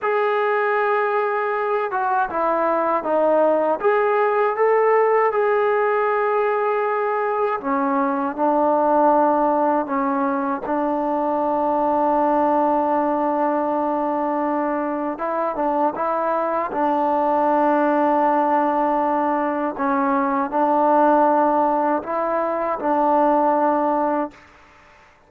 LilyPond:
\new Staff \with { instrumentName = "trombone" } { \time 4/4 \tempo 4 = 79 gis'2~ gis'8 fis'8 e'4 | dis'4 gis'4 a'4 gis'4~ | gis'2 cis'4 d'4~ | d'4 cis'4 d'2~ |
d'1 | e'8 d'8 e'4 d'2~ | d'2 cis'4 d'4~ | d'4 e'4 d'2 | }